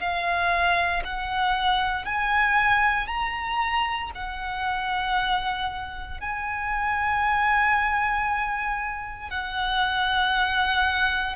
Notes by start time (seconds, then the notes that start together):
0.00 F5
1.05 F#5
2.05 G#5
3.08 A#5
4.15 F#5
6.21 G#5
9.31 F#5